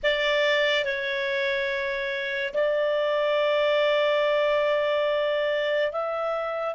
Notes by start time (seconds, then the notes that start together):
0.03 D5
0.85 C#5
2.54 D5
5.92 E5